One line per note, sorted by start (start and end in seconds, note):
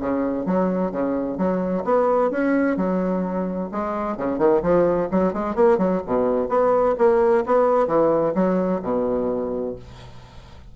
0.00 0.46 C#3
0.46 0.92 F#3
0.92 1.38 C#3
1.38 1.84 F#3
1.84 2.31 B3
2.31 2.77 C#4
2.77 3.70 F#3
3.72 4.17 G#3
4.17 4.38 C#3
4.38 4.62 D#3
4.62 5.09 F3
5.11 5.33 F#3
5.33 5.55 G#3
5.55 5.78 A#3
5.78 6.01 F#3
6.06 6.49 B2
6.49 6.96 B3
6.98 7.44 A#3
7.46 7.87 B3
7.87 8.34 E3
8.35 8.81 F#3
8.82 9.75 B2